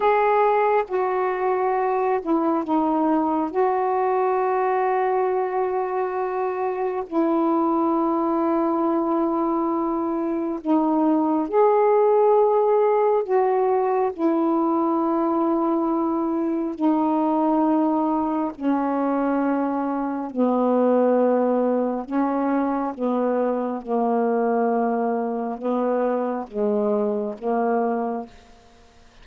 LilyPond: \new Staff \with { instrumentName = "saxophone" } { \time 4/4 \tempo 4 = 68 gis'4 fis'4. e'8 dis'4 | fis'1 | e'1 | dis'4 gis'2 fis'4 |
e'2. dis'4~ | dis'4 cis'2 b4~ | b4 cis'4 b4 ais4~ | ais4 b4 gis4 ais4 | }